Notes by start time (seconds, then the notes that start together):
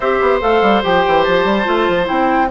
0.00 C4 G4 C5 E5
0.20 B3
0.41 A3 A4 F5
0.61 G3
0.82 F3 G4 G5
1.07 E3
1.23 F3 A5
1.44 G3
1.64 A3 F4
1.87 F3
2.05 C4 E4 G5